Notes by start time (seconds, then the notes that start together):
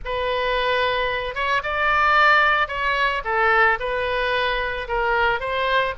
0.04 B4
1.34 C#5
1.63 D5
2.68 C#5
3.24 A4
3.79 B4
4.88 A#4
5.40 C5